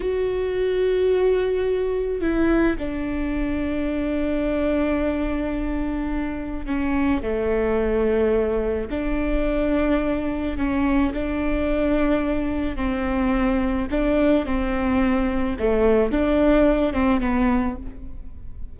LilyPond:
\new Staff \with { instrumentName = "viola" } { \time 4/4 \tempo 4 = 108 fis'1 | e'4 d'2.~ | d'1 | cis'4 a2. |
d'2. cis'4 | d'2. c'4~ | c'4 d'4 c'2 | a4 d'4. c'8 b4 | }